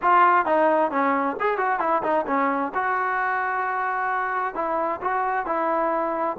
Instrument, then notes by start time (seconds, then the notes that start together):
trombone
0.01 F4
0.45 D#4
0.91 C#4
1.40 G#4
1.57 F#4
1.79 E4
2.02 D#4
2.26 C#4
2.74 F#4
4.55 E4
5.01 F#4
5.45 E4